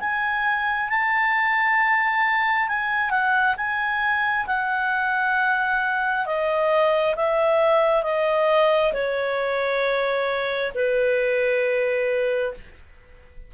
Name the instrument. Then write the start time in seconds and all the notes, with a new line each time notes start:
clarinet
0.00 G#5
0.90 A5
2.68 G#5
3.11 F#5
3.57 G#5
4.47 F#5
6.26 D#5
7.16 E5
8.03 D#5
8.93 C#5
10.75 B4